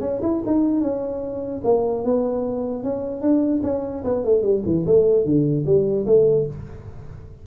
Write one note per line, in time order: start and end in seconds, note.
0.00 0.20 C#4
0.22 0.42 E4
0.46 0.81 D#4
0.81 1.61 C#4
1.64 2.04 A#3
2.04 2.83 B3
2.83 3.21 C#4
3.21 3.61 D4
3.63 4.03 C#4
4.04 4.24 B3
4.24 4.42 A3
4.42 4.62 G3
4.65 4.85 E3
4.86 5.25 A3
5.25 5.65 D3
5.65 6.06 G3
6.06 6.46 A3